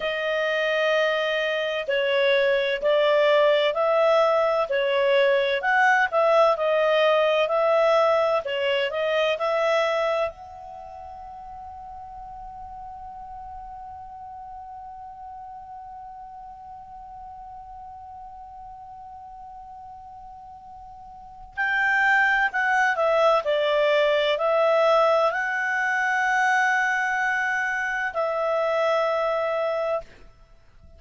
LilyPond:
\new Staff \with { instrumentName = "clarinet" } { \time 4/4 \tempo 4 = 64 dis''2 cis''4 d''4 | e''4 cis''4 fis''8 e''8 dis''4 | e''4 cis''8 dis''8 e''4 fis''4~ | fis''1~ |
fis''1~ | fis''2. g''4 | fis''8 e''8 d''4 e''4 fis''4~ | fis''2 e''2 | }